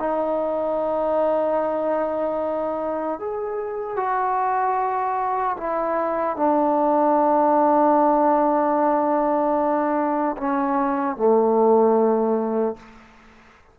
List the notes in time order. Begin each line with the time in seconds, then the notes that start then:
0.00 D#4
3.19 G#4
3.97 F#4
5.57 E4
6.37 D4
10.38 C#4
11.17 A3